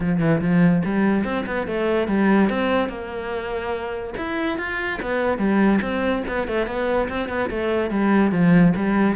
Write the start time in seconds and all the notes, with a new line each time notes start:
0.00 F3
0.20 E3
0.41 F3
0.84 G3
1.24 C4
1.46 B3
1.67 A3
2.07 G3
2.49 C4
2.89 A#3
4.17 E4
4.57 F4
5.02 B3
5.38 G3
5.81 C4
6.28 B3
6.47 A3
6.66 B3
7.08 C4
7.28 B3
7.49 A3
7.90 G3
8.31 F3
8.76 G3